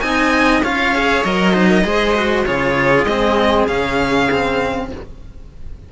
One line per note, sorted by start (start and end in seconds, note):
0.00 0.62 C4
0.00 0.62 D#4
0.00 0.63 D#5
0.00 0.61 G#5
0.62 1.23 C#4
0.62 0.94 F4
0.62 1.54 C#5
0.62 1.24 F5
0.94 1.25 G#4
1.24 1.85 F#3
1.24 1.54 A#4
1.24 2.45 D#5
1.54 1.84 D#4
1.54 1.68 C5
1.68 1.84 A#4
1.84 2.45 G#3
1.84 2.14 G#4
1.84 2.46 C5
2.15 2.45 F#4
2.45 3.04 C#3
2.45 3.07 F4
2.45 4.88 G#4
2.45 3.04 C#5
3.04 3.64 G#3
3.04 3.68 C4
3.04 3.64 D#5
3.67 4.89 C#3
3.67 4.29 C#4
3.67 4.89 F5
4.31 4.92 C4